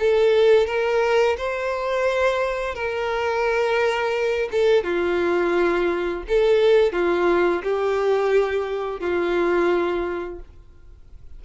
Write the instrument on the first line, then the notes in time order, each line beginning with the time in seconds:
violin
0.00 A4
0.67 A#4
1.38 C5
2.75 A#4
4.52 A4
4.84 F4
6.28 A4
6.93 F4
7.64 G4
9.00 F4